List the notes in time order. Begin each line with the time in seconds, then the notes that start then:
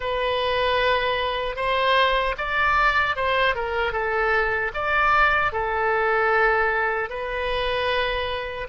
0.00 B4
1.56 C5
2.37 D5
3.16 C5
3.55 A#4
3.92 A4
4.74 D5
5.52 A4
7.09 B4